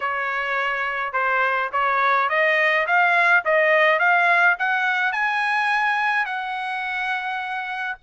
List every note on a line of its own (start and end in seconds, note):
0.00 1.12 C#5
1.12 1.69 C5
1.72 2.29 C#5
2.29 2.86 D#5
2.86 3.44 F5
3.44 3.99 D#5
3.99 4.56 F5
4.58 5.12 F#5
5.12 6.25 G#5
6.25 7.97 F#5